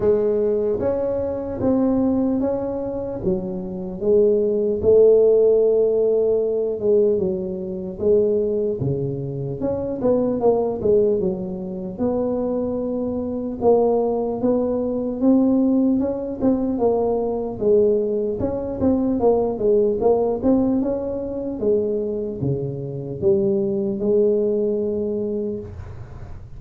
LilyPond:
\new Staff \with { instrumentName = "tuba" } { \time 4/4 \tempo 4 = 75 gis4 cis'4 c'4 cis'4 | fis4 gis4 a2~ | a8 gis8 fis4 gis4 cis4 | cis'8 b8 ais8 gis8 fis4 b4~ |
b4 ais4 b4 c'4 | cis'8 c'8 ais4 gis4 cis'8 c'8 | ais8 gis8 ais8 c'8 cis'4 gis4 | cis4 g4 gis2 | }